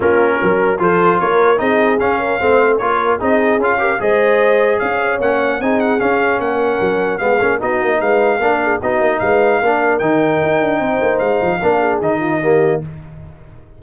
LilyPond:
<<
  \new Staff \with { instrumentName = "trumpet" } { \time 4/4 \tempo 4 = 150 ais'2 c''4 cis''4 | dis''4 f''2 cis''4 | dis''4 f''4 dis''2 | f''4 fis''4 gis''8 fis''8 f''4 |
fis''2 f''4 dis''4 | f''2 dis''4 f''4~ | f''4 g''2. | f''2 dis''2 | }
  \new Staff \with { instrumentName = "horn" } { \time 4/4 f'4 ais'4 a'4 ais'4 | gis'4. ais'8 c''4 ais'4 | gis'4. ais'8 c''2 | cis''2 gis'2 |
ais'2 gis'4 fis'4 | b'4 ais'8 gis'8 fis'4 b'4 | ais'2. c''4~ | c''4 ais'8 gis'4 f'8 g'4 | }
  \new Staff \with { instrumentName = "trombone" } { \time 4/4 cis'2 f'2 | dis'4 cis'4 c'4 f'4 | dis'4 f'8 g'8 gis'2~ | gis'4 cis'4 dis'4 cis'4~ |
cis'2 b8 cis'8 dis'4~ | dis'4 d'4 dis'2 | d'4 dis'2.~ | dis'4 d'4 dis'4 ais4 | }
  \new Staff \with { instrumentName = "tuba" } { \time 4/4 ais4 fis4 f4 ais4 | c'4 cis'4 a4 ais4 | c'4 cis'4 gis2 | cis'4 ais4 c'4 cis'4 |
ais4 fis4 gis8 ais8 b8 ais8 | gis4 ais4 b8 ais8 gis4 | ais4 dis4 dis'8 d'8 c'8 ais8 | gis8 f8 ais4 dis2 | }
>>